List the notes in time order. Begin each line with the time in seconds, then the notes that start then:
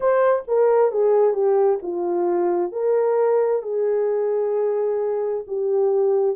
0.00 C5
0.47 A#4
0.91 G#4
1.33 G4
1.82 F4
2.71 A#4
3.62 G#4
5.47 G4